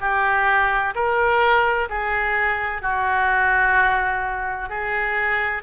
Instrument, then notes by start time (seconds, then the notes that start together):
oboe
0.00 G4
0.95 A#4
1.89 G#4
2.82 F#4
4.69 G#4